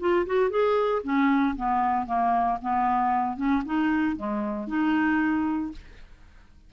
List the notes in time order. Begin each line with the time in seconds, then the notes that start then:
0.00 F4
0.26 F#4
0.50 G#4
1.04 C#4
1.57 B3
2.07 A#3
2.62 B3
3.37 C#4
3.66 D#4
4.16 G#3
4.67 D#4